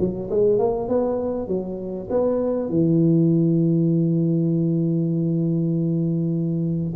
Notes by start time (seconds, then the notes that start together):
0.00 F#3
0.31 G#3
0.59 A#3
0.89 B3
1.48 F#3
2.10 B3
2.69 E3